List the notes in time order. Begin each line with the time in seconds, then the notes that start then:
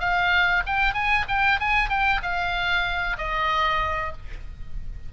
0.00 F5
0.67 G5
0.94 G#5
1.29 G5
1.60 G#5
1.90 G5
2.23 F5
3.18 D#5